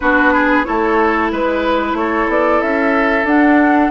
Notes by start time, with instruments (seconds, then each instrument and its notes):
0.00 bassoon B3, clarinet D4, oboe F#4, flute B4
0.33 oboe G#4
0.64 bassoon A3, clarinet E4, oboe A4, flute C#5
1.32 bassoon G#3, oboe B4, flute B4
1.93 bassoon A3, flute C#5
1.99 oboe A4
2.28 bassoon B3, flute D5
2.61 bassoon C#4, flute E5
3.24 bassoon D4, clarinet D4, flute F#5